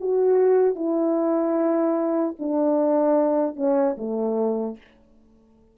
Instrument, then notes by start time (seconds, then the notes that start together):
horn
0.00 F#4
0.76 E4
2.39 D4
3.56 C#4
3.97 A3